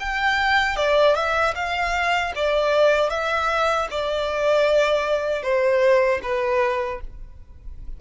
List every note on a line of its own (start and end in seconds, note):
0.00 0.77 G5
0.77 1.16 D5
1.16 1.55 E5
1.55 2.33 F5
2.36 3.10 D5
3.10 3.88 E5
3.91 5.43 D5
5.43 6.21 C5
6.23 7.01 B4